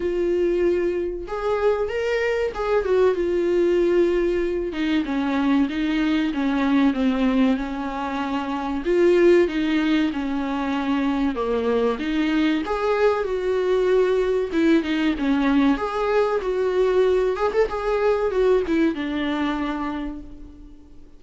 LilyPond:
\new Staff \with { instrumentName = "viola" } { \time 4/4 \tempo 4 = 95 f'2 gis'4 ais'4 | gis'8 fis'8 f'2~ f'8 dis'8 | cis'4 dis'4 cis'4 c'4 | cis'2 f'4 dis'4 |
cis'2 ais4 dis'4 | gis'4 fis'2 e'8 dis'8 | cis'4 gis'4 fis'4. gis'16 a'16 | gis'4 fis'8 e'8 d'2 | }